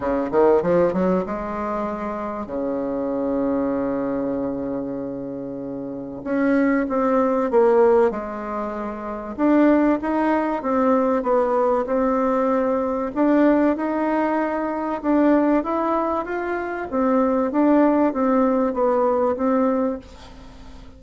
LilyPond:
\new Staff \with { instrumentName = "bassoon" } { \time 4/4 \tempo 4 = 96 cis8 dis8 f8 fis8 gis2 | cis1~ | cis2 cis'4 c'4 | ais4 gis2 d'4 |
dis'4 c'4 b4 c'4~ | c'4 d'4 dis'2 | d'4 e'4 f'4 c'4 | d'4 c'4 b4 c'4 | }